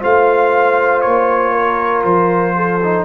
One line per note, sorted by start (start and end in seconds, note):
0.00 1.05 A3
0.00 2.80 F4
0.00 1.52 C5
0.00 1.01 F5
1.01 2.04 A#3
1.01 2.03 C#5
1.52 2.54 A#4
2.03 3.05 F3
2.03 3.05 C5
2.56 3.05 A4
2.83 3.05 D#4